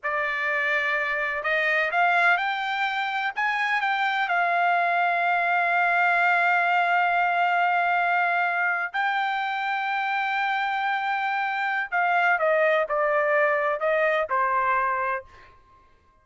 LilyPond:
\new Staff \with { instrumentName = "trumpet" } { \time 4/4 \tempo 4 = 126 d''2. dis''4 | f''4 g''2 gis''4 | g''4 f''2.~ | f''1~ |
f''2~ f''8. g''4~ g''16~ | g''1~ | g''4 f''4 dis''4 d''4~ | d''4 dis''4 c''2 | }